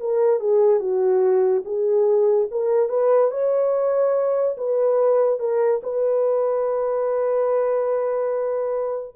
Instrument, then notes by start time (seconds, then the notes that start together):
horn
0.00 A#4
0.40 G#4
0.80 F#4
1.65 G#4
2.51 A#4
2.89 B4
3.31 C#5
4.57 B4
5.39 A#4
5.83 B4